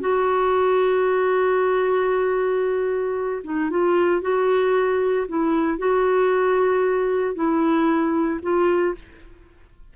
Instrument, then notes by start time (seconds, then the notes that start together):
clarinet
0.00 F#4
3.44 D#4
3.70 F4
4.21 F#4
5.28 E4
5.78 F#4
7.35 E4
8.42 F4